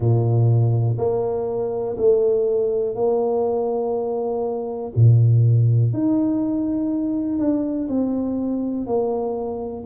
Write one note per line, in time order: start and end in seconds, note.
0.00 0.97 A#2
0.98 1.96 A#3
1.97 2.95 A3
2.95 4.92 A#3
4.95 5.93 A#2
5.93 7.38 D#4
7.38 7.87 D4
7.88 8.86 C4
8.86 9.85 A#3